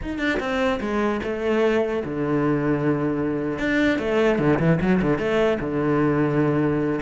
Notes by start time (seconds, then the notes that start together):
0.02 D#4
0.18 D4
0.39 C4
0.80 G#3
1.23 A3
2.05 D3
3.58 D4
3.98 A3
4.39 D3
4.59 E3
4.81 F#3
5.01 D3
5.18 A3
5.60 D3